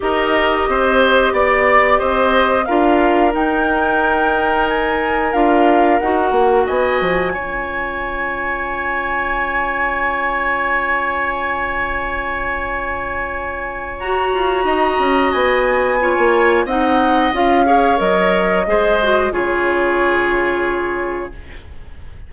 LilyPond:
<<
  \new Staff \with { instrumentName = "flute" } { \time 4/4 \tempo 4 = 90 dis''2 d''4 dis''4 | f''4 g''2 gis''4 | f''4 fis''4 gis''2~ | gis''1~ |
gis''1~ | gis''4 ais''2 gis''4~ | gis''4 fis''4 f''4 dis''4~ | dis''4 cis''2. | }
  \new Staff \with { instrumentName = "oboe" } { \time 4/4 ais'4 c''4 d''4 c''4 | ais'1~ | ais'2 dis''4 cis''4~ | cis''1~ |
cis''1~ | cis''2 dis''2 | cis''4 dis''4. cis''4. | c''4 gis'2. | }
  \new Staff \with { instrumentName = "clarinet" } { \time 4/4 g'1 | f'4 dis'2. | f'4 fis'2 f'4~ | f'1~ |
f'1~ | f'4 fis'2. | f'4 dis'4 f'8 gis'8 ais'4 | gis'8 fis'8 f'2. | }
  \new Staff \with { instrumentName = "bassoon" } { \time 4/4 dis'4 c'4 b4 c'4 | d'4 dis'2. | d'4 dis'8 ais8 b8 f8 cis'4~ | cis'1~ |
cis'1~ | cis'4 fis'8 f'8 dis'8 cis'8 b4~ | b16 ais8. c'4 cis'4 fis4 | gis4 cis2. | }
>>